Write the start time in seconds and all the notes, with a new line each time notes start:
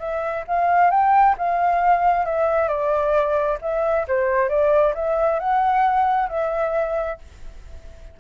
0.00 E5
0.48 F5
0.91 G5
1.38 F5
2.26 E5
2.69 D5
3.62 E5
4.08 C5
4.50 D5
4.95 E5
5.40 F#5
6.29 E5